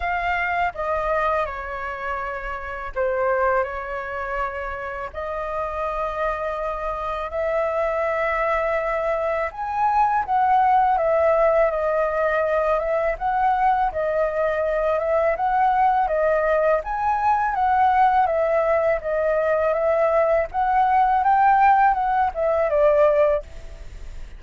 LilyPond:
\new Staff \with { instrumentName = "flute" } { \time 4/4 \tempo 4 = 82 f''4 dis''4 cis''2 | c''4 cis''2 dis''4~ | dis''2 e''2~ | e''4 gis''4 fis''4 e''4 |
dis''4. e''8 fis''4 dis''4~ | dis''8 e''8 fis''4 dis''4 gis''4 | fis''4 e''4 dis''4 e''4 | fis''4 g''4 fis''8 e''8 d''4 | }